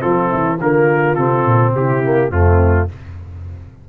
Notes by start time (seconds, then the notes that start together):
0.00 F3 C4 F4 A4
0.30 E3 E4
0.59 D3 A#3 F4 A#4
1.16 C3 C4 A4
1.45 A#2
1.74 C3 E4 G4
2.04 A#3
2.30 F2 A3 C4 F4